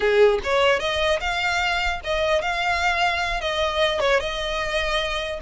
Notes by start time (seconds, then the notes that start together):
0.00 G#4
0.43 C#5
0.79 D#5
1.20 F5
2.04 D#5
2.41 F5
3.41 D#5
4.00 C#5
4.20 D#5